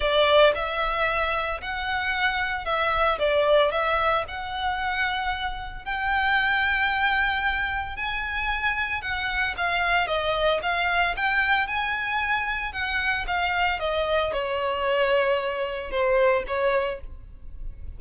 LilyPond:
\new Staff \with { instrumentName = "violin" } { \time 4/4 \tempo 4 = 113 d''4 e''2 fis''4~ | fis''4 e''4 d''4 e''4 | fis''2. g''4~ | g''2. gis''4~ |
gis''4 fis''4 f''4 dis''4 | f''4 g''4 gis''2 | fis''4 f''4 dis''4 cis''4~ | cis''2 c''4 cis''4 | }